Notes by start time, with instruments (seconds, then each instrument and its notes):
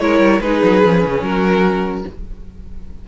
0.00 cello G#3, viola E4, violin A#4 C#5
0.20 cello G3
0.41 cello G#3, viola D#4, violin G#4 B4
0.64 cello F#3
0.84 cello F3, viola C#4
1.05 cello C#3
1.22 cello F#3, violin F#4 A#4